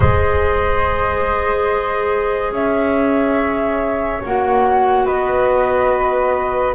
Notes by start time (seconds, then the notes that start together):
0.00 G#3 G#4 C5 D#5
2.51 C#4 C#5 E5
4.24 A#3 F#4 F#5
5.05 B3 B4 D#5